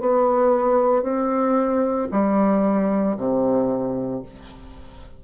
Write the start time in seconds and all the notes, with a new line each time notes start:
0.00 B3
1.03 C4
2.11 G3
3.17 C3